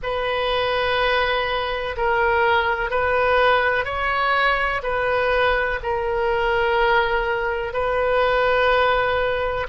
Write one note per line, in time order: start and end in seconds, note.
0.02 1.96 B4
1.96 2.90 A#4
2.90 3.84 B4
3.84 4.81 C#5
4.82 5.79 B4
5.82 7.73 A#4
7.73 9.66 B4